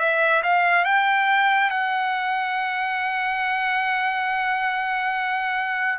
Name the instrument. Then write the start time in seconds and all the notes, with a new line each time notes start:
trumpet
0.00 E5
0.44 F5
0.85 G5
1.71 F#5